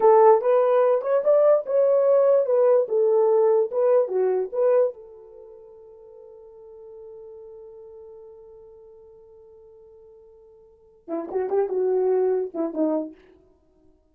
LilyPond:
\new Staff \with { instrumentName = "horn" } { \time 4/4 \tempo 4 = 146 a'4 b'4. cis''8 d''4 | cis''2 b'4 a'4~ | a'4 b'4 fis'4 b'4 | a'1~ |
a'1~ | a'1~ | a'2. e'8 fis'8 | g'8 fis'2 e'8 dis'4 | }